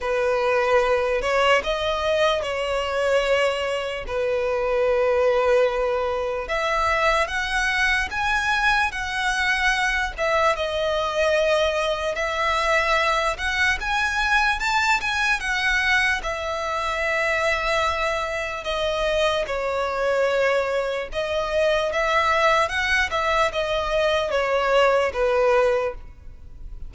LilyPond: \new Staff \with { instrumentName = "violin" } { \time 4/4 \tempo 4 = 74 b'4. cis''8 dis''4 cis''4~ | cis''4 b'2. | e''4 fis''4 gis''4 fis''4~ | fis''8 e''8 dis''2 e''4~ |
e''8 fis''8 gis''4 a''8 gis''8 fis''4 | e''2. dis''4 | cis''2 dis''4 e''4 | fis''8 e''8 dis''4 cis''4 b'4 | }